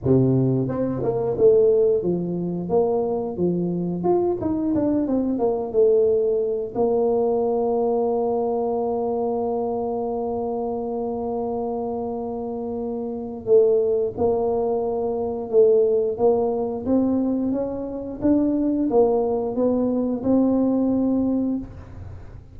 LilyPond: \new Staff \with { instrumentName = "tuba" } { \time 4/4 \tempo 4 = 89 c4 c'8 ais8 a4 f4 | ais4 f4 f'8 dis'8 d'8 c'8 | ais8 a4. ais2~ | ais1~ |
ais1 | a4 ais2 a4 | ais4 c'4 cis'4 d'4 | ais4 b4 c'2 | }